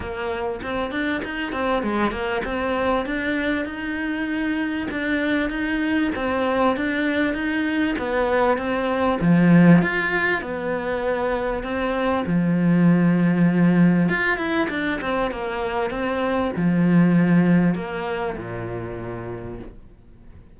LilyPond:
\new Staff \with { instrumentName = "cello" } { \time 4/4 \tempo 4 = 98 ais4 c'8 d'8 dis'8 c'8 gis8 ais8 | c'4 d'4 dis'2 | d'4 dis'4 c'4 d'4 | dis'4 b4 c'4 f4 |
f'4 b2 c'4 | f2. f'8 e'8 | d'8 c'8 ais4 c'4 f4~ | f4 ais4 ais,2 | }